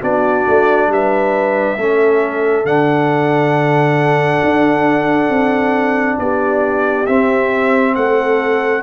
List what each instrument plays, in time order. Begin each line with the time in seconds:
0.00 tuba B3, trombone D4, horn F#4, trumpet D5
0.47 tuba A3
0.87 tuba G3, horn B4, trumpet E5
1.76 tuba A3, trombone C#4, horn A4
2.64 tuba D3, trombone D4, trumpet F#5
4.43 tuba D4
5.29 tuba C4
6.19 tuba B3, horn G4, trumpet D5
7.06 trombone C4, tuba C4, trumpet E5
7.95 tuba A3, horn A4, trumpet F#5